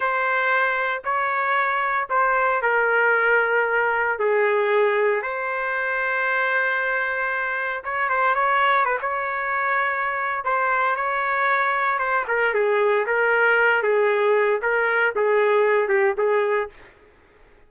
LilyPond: \new Staff \with { instrumentName = "trumpet" } { \time 4/4 \tempo 4 = 115 c''2 cis''2 | c''4 ais'2. | gis'2 c''2~ | c''2. cis''8 c''8 |
cis''4 b'16 cis''2~ cis''8. | c''4 cis''2 c''8 ais'8 | gis'4 ais'4. gis'4. | ais'4 gis'4. g'8 gis'4 | }